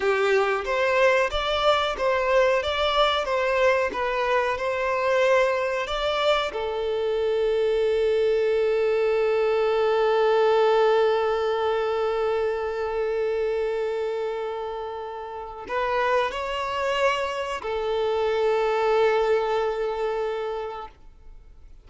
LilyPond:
\new Staff \with { instrumentName = "violin" } { \time 4/4 \tempo 4 = 92 g'4 c''4 d''4 c''4 | d''4 c''4 b'4 c''4~ | c''4 d''4 a'2~ | a'1~ |
a'1~ | a'1 | b'4 cis''2 a'4~ | a'1 | }